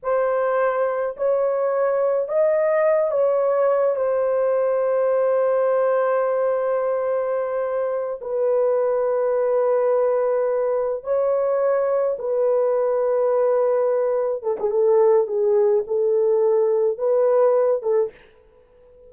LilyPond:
\new Staff \with { instrumentName = "horn" } { \time 4/4 \tempo 4 = 106 c''2 cis''2 | dis''4. cis''4. c''4~ | c''1~ | c''2~ c''8 b'4.~ |
b'2.~ b'8 cis''8~ | cis''4. b'2~ b'8~ | b'4. a'16 gis'16 a'4 gis'4 | a'2 b'4. a'8 | }